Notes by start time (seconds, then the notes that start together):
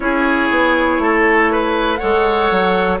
0.00 C#4 E4 G#4 C#5
0.50 B3
0.98 A3 A4
1.51 B4
1.95 A4 C#5 F#5
2.02 G#3
2.50 F#3